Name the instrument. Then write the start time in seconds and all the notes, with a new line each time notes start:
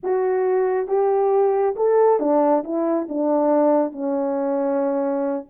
horn
0.03 F#4
0.87 G4
1.76 A4
2.19 D4
2.64 E4
3.08 D4
3.92 C#4